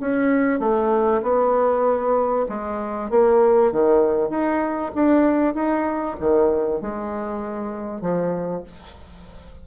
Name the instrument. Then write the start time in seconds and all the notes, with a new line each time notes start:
bassoon
0.00 C#4
0.60 A3
1.22 B3
2.49 G#3
3.10 A#3
3.72 D#3
4.30 D#4
4.95 D4
5.54 D#4
6.20 D#3
6.81 G#3
8.01 F3